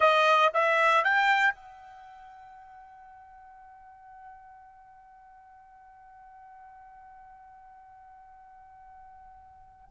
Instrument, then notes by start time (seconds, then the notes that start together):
trumpet
0.00 D#5
0.53 E5
1.03 G5
1.54 F#5